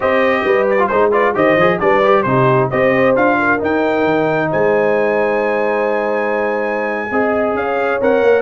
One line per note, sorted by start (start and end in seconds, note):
0.00 0.44 C4
0.00 0.78 G4
0.00 0.42 C5
0.00 0.68 D#5
0.44 0.89 G3
0.44 0.89 B4
0.69 0.87 D5
0.78 0.89 F4
0.87 1.35 G#3
0.87 1.11 D#4
0.87 1.09 C5
0.87 1.12 C5
1.11 1.34 F4
1.11 1.34 B4
1.11 1.35 D5
1.34 1.56 D#3
1.34 1.57 G4
1.34 1.80 C5
1.34 1.79 D#5
1.56 1.79 F3
1.56 1.79 G#4
1.79 2.25 G3
1.79 2.02 D4
1.79 2.25 B4
1.79 2.22 D5
2.03 2.25 G4
2.22 2.70 C3
2.22 2.71 D#4
2.22 2.70 G4
2.22 2.67 C5
2.70 3.15 C4
2.70 3.16 G4
2.70 3.38 C5
2.70 3.15 D#5
3.15 3.60 D4
3.15 3.58 F4
3.15 3.61 F5
3.38 4.49 A#4
3.58 7.08 D#4
3.58 4.04 D#4
3.58 4.51 G5
4.04 4.49 D#3
4.49 7.10 G#3
4.49 7.09 C5
4.49 7.56 G#5
7.10 7.54 C4
7.10 8.01 G#4
7.10 7.57 D#5
7.54 7.99 C#4
7.54 8.42 C#5
7.54 8.01 F5
8.01 8.23 C4
8.01 8.42 A#4
8.01 8.42 F#5
8.23 8.42 A#3